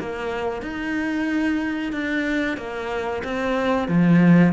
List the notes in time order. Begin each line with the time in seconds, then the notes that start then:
0.00 A#3
0.62 D#4
1.93 D4
2.58 A#3
3.24 C4
3.89 F3